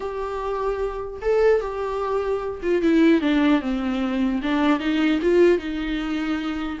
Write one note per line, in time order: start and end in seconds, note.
0.00 1.20 G4
1.21 1.61 A4
1.61 2.61 G4
2.62 2.81 F4
2.81 3.21 E4
3.21 3.61 D4
3.61 4.41 C4
4.42 4.79 D4
4.79 5.19 D#4
5.22 5.58 F4
5.58 6.78 D#4